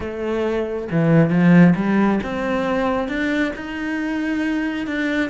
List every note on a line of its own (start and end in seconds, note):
0.00 0.88 A3
0.91 1.30 E3
1.30 1.74 F3
1.75 2.19 G3
2.23 3.08 C4
3.08 3.52 D4
3.55 4.86 D#4
4.86 5.29 D4